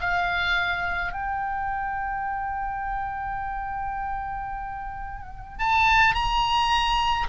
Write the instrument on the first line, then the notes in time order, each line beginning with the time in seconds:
oboe
0.00 F5
1.12 G5
5.58 A5
6.15 A#5